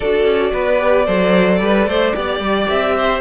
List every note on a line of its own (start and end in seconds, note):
0.00 0.24 D4
0.00 0.79 F#4
0.00 0.52 A4
0.00 2.68 D5
0.24 0.51 C#4
0.52 1.07 B3
0.52 1.05 B4
0.79 1.05 G4
1.05 1.60 F#3
1.05 2.13 A4
1.05 1.59 C5
1.60 1.86 G3
1.60 1.88 B4
1.86 2.13 A3
1.86 2.15 C5
2.13 2.39 B3
2.13 3.20 G4
2.13 2.96 D5
2.39 2.66 G3
2.68 3.21 C4
2.68 3.21 E5
2.96 3.21 C5